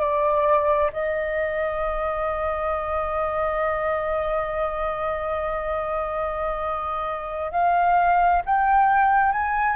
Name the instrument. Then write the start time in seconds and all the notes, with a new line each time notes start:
flute
0.00 D5
0.93 D#5
7.51 F5
8.45 G5
9.32 G#5